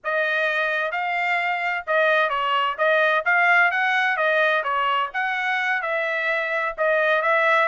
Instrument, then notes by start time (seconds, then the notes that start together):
trumpet
0.03 D#5
0.91 F5
1.86 D#5
2.29 C#5
2.78 D#5
3.25 F5
3.71 F#5
4.16 D#5
4.63 C#5
5.13 F#5
5.82 E5
6.77 D#5
7.22 E5